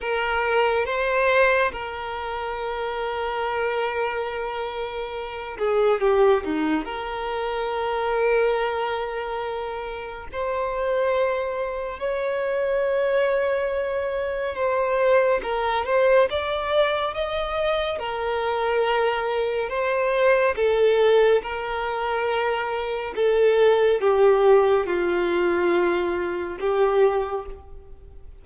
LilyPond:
\new Staff \with { instrumentName = "violin" } { \time 4/4 \tempo 4 = 70 ais'4 c''4 ais'2~ | ais'2~ ais'8 gis'8 g'8 dis'8 | ais'1 | c''2 cis''2~ |
cis''4 c''4 ais'8 c''8 d''4 | dis''4 ais'2 c''4 | a'4 ais'2 a'4 | g'4 f'2 g'4 | }